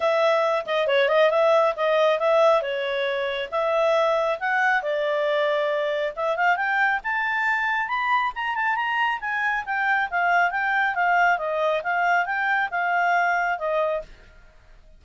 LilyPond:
\new Staff \with { instrumentName = "clarinet" } { \time 4/4 \tempo 4 = 137 e''4. dis''8 cis''8 dis''8 e''4 | dis''4 e''4 cis''2 | e''2 fis''4 d''4~ | d''2 e''8 f''8 g''4 |
a''2 b''4 ais''8 a''8 | ais''4 gis''4 g''4 f''4 | g''4 f''4 dis''4 f''4 | g''4 f''2 dis''4 | }